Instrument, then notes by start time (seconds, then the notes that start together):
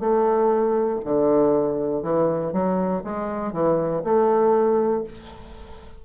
bassoon
0.00 A3
1.05 D3
2.03 E3
2.53 F#3
3.04 G#3
3.53 E3
4.04 A3